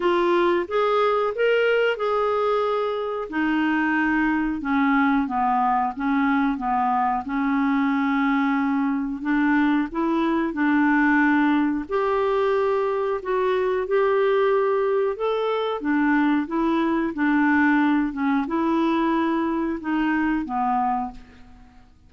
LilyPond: \new Staff \with { instrumentName = "clarinet" } { \time 4/4 \tempo 4 = 91 f'4 gis'4 ais'4 gis'4~ | gis'4 dis'2 cis'4 | b4 cis'4 b4 cis'4~ | cis'2 d'4 e'4 |
d'2 g'2 | fis'4 g'2 a'4 | d'4 e'4 d'4. cis'8 | e'2 dis'4 b4 | }